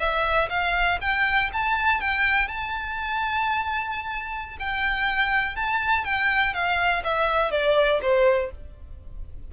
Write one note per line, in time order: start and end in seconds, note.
0.00 0.49 E5
0.49 0.99 F5
1.01 1.50 G5
1.53 2.01 A5
2.01 2.48 G5
2.48 4.57 A5
4.59 5.56 G5
5.56 6.05 A5
6.05 6.54 G5
6.54 7.03 F5
7.04 7.51 E5
7.51 8.01 D5
8.02 8.51 C5